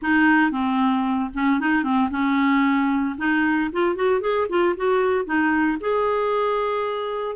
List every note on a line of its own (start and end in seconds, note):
0.01 0.51 D#4
0.51 1.30 C4
1.33 1.59 C#4
1.59 1.83 D#4
1.83 2.09 C4
2.10 3.16 C#4
3.17 3.70 D#4
3.72 3.95 F4
3.95 4.20 F#4
4.20 4.47 G#4
4.49 4.75 F4
4.76 5.25 F#4
5.25 5.78 D#4
5.80 7.36 G#4